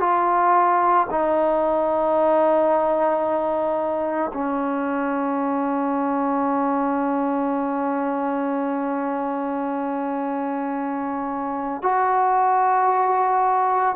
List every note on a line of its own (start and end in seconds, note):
0.00 1.07 F4
1.11 4.32 D#4
4.34 11.82 C#4
11.82 13.96 F#4